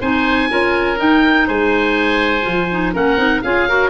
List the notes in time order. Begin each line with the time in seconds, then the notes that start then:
0.00 C4 D#4 C5 G#5
0.50 C#4 F4 A#4
0.97 D#4 G5
1.47 G#3 C5 G#5
2.42 F3 F4
2.72 D#4
2.93 A#3 C#4 A#4 F#5
3.17 C4 D#4
3.42 C#4 F4 G#4 F5
3.68 F#4 A#4